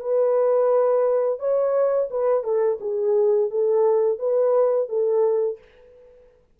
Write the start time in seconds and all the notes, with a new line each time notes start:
0.00 B4
1.39 C#5
2.10 B4
2.43 A4
2.80 G#4
3.50 A4
4.19 B4
4.88 A4